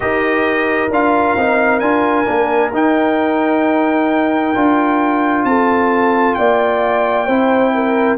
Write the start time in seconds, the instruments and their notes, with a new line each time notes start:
0.00 tuba D#4, trombone G4, horn A#4, trumpet D#5
0.90 tuba D4, trombone F4, trumpet F5
1.36 tuba C4, trombone D#4
1.79 tuba D4, trombone F4, trumpet G#5
2.25 tuba A#3, trombone D4
2.73 tuba D#4, trombone D#4, trumpet G5
4.55 tuba D4, trombone F4
5.44 tuba C4, horn A4, trumpet A5
6.34 tuba A#3, horn D5, trumpet G5
7.26 tuba C4, trombone E4, horn C5
7.74 horn A#4